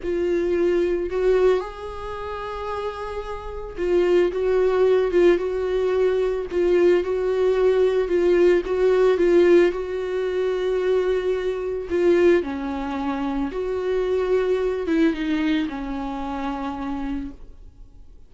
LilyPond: \new Staff \with { instrumentName = "viola" } { \time 4/4 \tempo 4 = 111 f'2 fis'4 gis'4~ | gis'2. f'4 | fis'4. f'8 fis'2 | f'4 fis'2 f'4 |
fis'4 f'4 fis'2~ | fis'2 f'4 cis'4~ | cis'4 fis'2~ fis'8 e'8 | dis'4 cis'2. | }